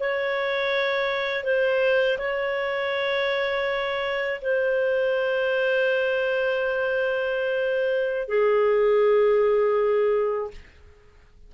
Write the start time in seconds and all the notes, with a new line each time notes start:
0.00 C#5
1.44 C5
2.19 C#5
4.42 C5
8.29 G#4